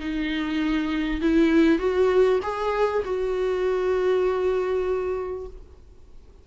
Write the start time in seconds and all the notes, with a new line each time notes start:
0.00 D#4
1.21 E4
1.79 F#4
2.43 G#4
3.05 F#4